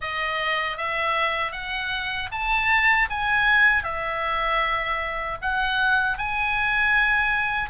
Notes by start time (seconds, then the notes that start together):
0.01 D#5
0.77 E5
1.52 F#5
2.31 A5
3.10 G#5
3.83 E5
5.41 F#5
6.17 G#5